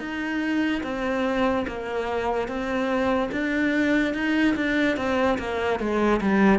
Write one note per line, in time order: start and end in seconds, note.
0.00 0.82 D#4
0.84 1.66 C4
1.67 2.48 A#3
2.48 3.31 C4
3.32 4.14 D4
4.15 4.56 D#4
4.56 4.97 D4
4.97 5.38 C4
5.39 5.80 A#3
5.80 6.21 G#3
6.21 6.59 G3